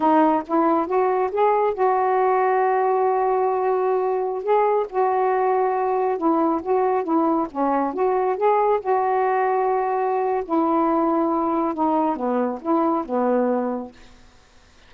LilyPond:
\new Staff \with { instrumentName = "saxophone" } { \time 4/4 \tempo 4 = 138 dis'4 e'4 fis'4 gis'4 | fis'1~ | fis'2~ fis'16 gis'4 fis'8.~ | fis'2~ fis'16 e'4 fis'8.~ |
fis'16 e'4 cis'4 fis'4 gis'8.~ | gis'16 fis'2.~ fis'8. | e'2. dis'4 | b4 e'4 b2 | }